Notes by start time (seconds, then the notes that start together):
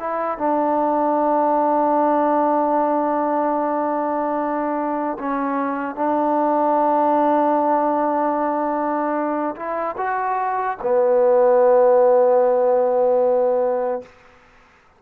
0.00 E4
0.38 D4
5.20 C#4
5.96 D4
9.56 E4
9.98 F#4
10.83 B3